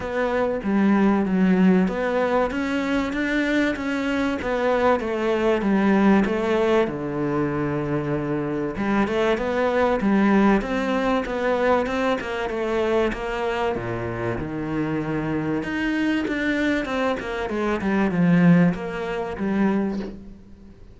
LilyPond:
\new Staff \with { instrumentName = "cello" } { \time 4/4 \tempo 4 = 96 b4 g4 fis4 b4 | cis'4 d'4 cis'4 b4 | a4 g4 a4 d4~ | d2 g8 a8 b4 |
g4 c'4 b4 c'8 ais8 | a4 ais4 ais,4 dis4~ | dis4 dis'4 d'4 c'8 ais8 | gis8 g8 f4 ais4 g4 | }